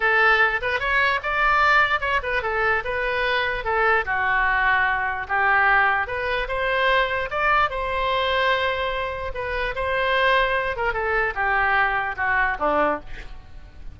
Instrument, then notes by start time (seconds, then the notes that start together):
oboe
0.00 A4
0.61 B4
0.79 C#5
1.22 D5
2.00 C#5
2.22 B4
2.42 A4
2.84 B4
3.64 A4
4.05 F#4
5.28 G4
6.07 B4
6.48 C5
7.30 D5
7.69 C5
9.34 B4
9.75 C5
10.76 A#4
10.93 A4
11.34 G4
12.16 F#4
12.59 D4